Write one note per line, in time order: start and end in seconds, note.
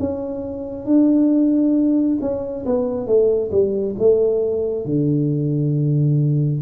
0.00 0.86 C#4
0.86 2.18 D4
2.21 2.65 C#4
2.66 3.07 B3
3.07 3.51 A3
3.51 3.95 G3
3.99 4.86 A3
4.86 6.62 D3